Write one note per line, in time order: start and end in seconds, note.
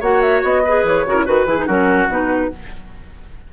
0.00 0.42 A#3
0.00 0.64 F#4
0.00 0.62 C#5
0.00 0.21 F#5
0.21 0.42 E5
0.43 0.84 B3
0.43 0.85 D#5
0.65 1.06 G#4
0.65 1.06 B4
0.84 1.04 E3
0.84 1.25 C#5
1.06 1.27 C#3
1.06 1.15 F#4
1.06 1.25 A#4
1.15 1.26 E4
1.25 1.46 D#3
1.25 1.46 F#4
1.25 1.45 B4
1.25 1.66 B4
1.46 1.66 E3
1.46 1.58 E4
1.46 1.67 G#4
1.58 1.68 D#4
1.66 2.08 F#3
1.66 2.09 C#4
1.66 2.48 F#4
1.66 2.08 A#4
2.08 2.49 B2
2.08 2.51 D#4
2.08 2.53 B4